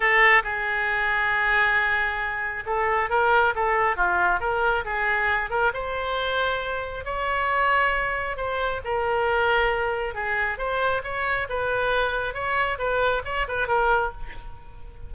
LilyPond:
\new Staff \with { instrumentName = "oboe" } { \time 4/4 \tempo 4 = 136 a'4 gis'2.~ | gis'2 a'4 ais'4 | a'4 f'4 ais'4 gis'4~ | gis'8 ais'8 c''2. |
cis''2. c''4 | ais'2. gis'4 | c''4 cis''4 b'2 | cis''4 b'4 cis''8 b'8 ais'4 | }